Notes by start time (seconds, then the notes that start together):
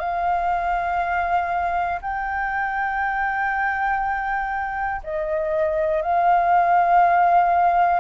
0.00 F5
2.02 G5
5.04 D#5
6.02 F5